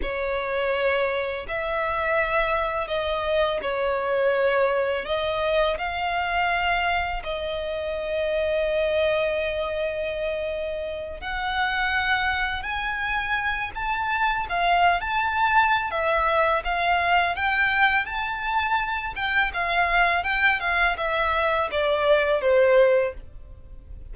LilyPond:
\new Staff \with { instrumentName = "violin" } { \time 4/4 \tempo 4 = 83 cis''2 e''2 | dis''4 cis''2 dis''4 | f''2 dis''2~ | dis''2.~ dis''8 fis''8~ |
fis''4. gis''4. a''4 | f''8. a''4~ a''16 e''4 f''4 | g''4 a''4. g''8 f''4 | g''8 f''8 e''4 d''4 c''4 | }